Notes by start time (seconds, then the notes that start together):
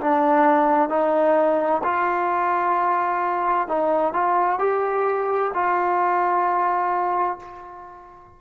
0.00 D4
0.89 D#4
1.83 F4
3.68 D#4
4.13 F4
4.59 G4
5.54 F4